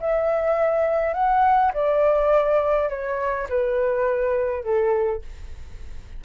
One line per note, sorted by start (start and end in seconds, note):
0.00 1.14 E5
1.14 1.72 F#5
1.74 2.89 D5
2.89 3.47 C#5
3.49 4.63 B4
4.63 5.22 A4